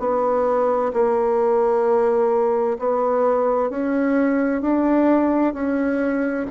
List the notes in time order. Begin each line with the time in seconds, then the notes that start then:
0.00 B3
0.94 A#3
2.79 B3
3.70 C#4
4.62 D4
5.54 C#4